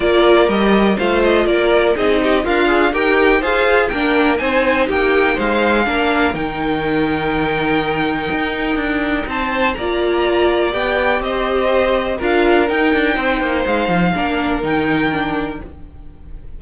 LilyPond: <<
  \new Staff \with { instrumentName = "violin" } { \time 4/4 \tempo 4 = 123 d''4 dis''4 f''8 dis''8 d''4 | dis''4 f''4 g''4 f''4 | g''4 gis''4 g''4 f''4~ | f''4 g''2.~ |
g''2. a''4 | ais''2 g''4 dis''4~ | dis''4 f''4 g''2 | f''2 g''2 | }
  \new Staff \with { instrumentName = "violin" } { \time 4/4 ais'2 c''4 ais'4 | gis'8 g'8 f'4 ais'4 c''4 | ais'4 c''4 g'4 c''4 | ais'1~ |
ais'2. c''4 | d''2. c''4~ | c''4 ais'2 c''4~ | c''4 ais'2. | }
  \new Staff \with { instrumentName = "viola" } { \time 4/4 f'4 g'4 f'2 | dis'4 ais'8 gis'8 g'4 gis'4 | d'4 dis'2. | d'4 dis'2.~ |
dis'1 | f'2 g'2~ | g'4 f'4 dis'2~ | dis'4 d'4 dis'4 d'4 | }
  \new Staff \with { instrumentName = "cello" } { \time 4/4 ais4 g4 a4 ais4 | c'4 d'4 dis'4 f'4 | ais4 c'4 ais4 gis4 | ais4 dis2.~ |
dis4 dis'4 d'4 c'4 | ais2 b4 c'4~ | c'4 d'4 dis'8 d'8 c'8 ais8 | gis8 f8 ais4 dis2 | }
>>